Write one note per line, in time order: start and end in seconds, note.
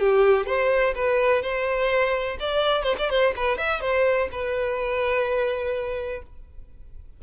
0.00 0.47 G4
0.47 0.94 C5
0.95 1.42 B4
1.42 2.38 C5
2.40 2.83 D5
2.83 2.95 C5
2.98 3.10 D5
3.10 3.34 C5
3.36 3.58 B4
3.58 3.81 E5
3.81 4.29 C5
4.32 6.22 B4